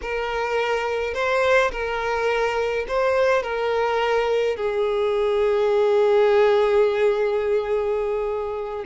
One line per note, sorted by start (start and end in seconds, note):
0.01 1.14 A#4
1.14 1.71 C5
1.71 2.86 A#4
2.88 3.43 C5
3.43 4.56 A#4
4.56 8.84 G#4